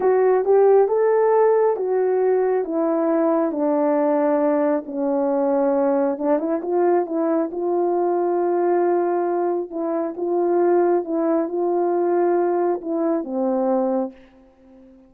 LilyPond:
\new Staff \with { instrumentName = "horn" } { \time 4/4 \tempo 4 = 136 fis'4 g'4 a'2 | fis'2 e'2 | d'2. cis'4~ | cis'2 d'8 e'8 f'4 |
e'4 f'2.~ | f'2 e'4 f'4~ | f'4 e'4 f'2~ | f'4 e'4 c'2 | }